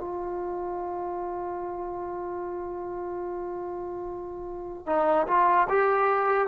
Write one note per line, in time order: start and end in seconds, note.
0.00 4.86 F4
4.86 5.27 D#4
5.27 5.68 F4
5.69 6.48 G4